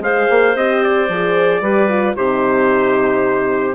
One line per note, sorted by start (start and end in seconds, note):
0.00 0.27 G#3
0.00 0.55 G#4
0.00 1.62 C5
0.00 0.56 F5
0.30 0.55 A#3
0.55 1.09 C4
0.55 1.09 G4
0.55 0.83 D#5
0.83 2.16 D5
1.09 1.61 F3
1.09 1.63 G#4
1.61 2.14 G3
1.61 1.89 G4
1.61 2.16 B4
1.89 2.16 F4
2.16 3.75 C3
2.16 3.75 D#4
2.16 3.75 G4
2.16 3.75 C5